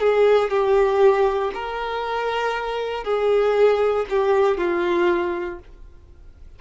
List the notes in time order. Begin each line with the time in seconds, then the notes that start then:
0.00 G#4
0.50 G4
1.54 A#4
3.04 G#4
4.10 G4
4.58 F4